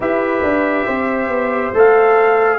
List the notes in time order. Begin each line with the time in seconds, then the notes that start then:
0.00 E4 G4 B4 E5
0.42 D4
0.86 C4 C5
1.28 B3
1.73 A3 A4 F5